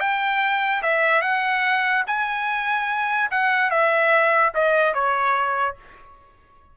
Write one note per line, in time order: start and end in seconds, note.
0.00 0.82 G5
0.82 1.22 E5
1.22 2.04 F#5
2.07 3.30 G#5
3.31 3.71 F#5
3.71 4.53 E5
4.54 4.94 D#5
4.94 5.76 C#5